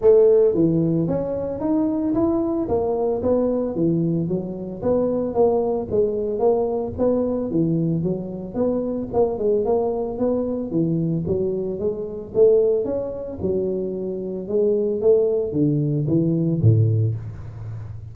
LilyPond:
\new Staff \with { instrumentName = "tuba" } { \time 4/4 \tempo 4 = 112 a4 e4 cis'4 dis'4 | e'4 ais4 b4 e4 | fis4 b4 ais4 gis4 | ais4 b4 e4 fis4 |
b4 ais8 gis8 ais4 b4 | e4 fis4 gis4 a4 | cis'4 fis2 gis4 | a4 d4 e4 a,4 | }